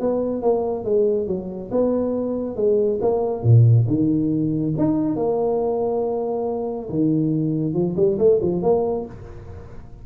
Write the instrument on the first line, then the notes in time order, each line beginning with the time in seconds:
tuba
0.00 B3
0.42 A#3
0.84 G#3
1.27 F#3
1.71 B3
2.56 G#3
3.01 A#3
3.43 A#2
3.87 D#3
4.78 D#4
5.16 A#3
6.89 D#3
7.74 F3
7.96 G3
8.18 A3
8.42 F3
8.62 A#3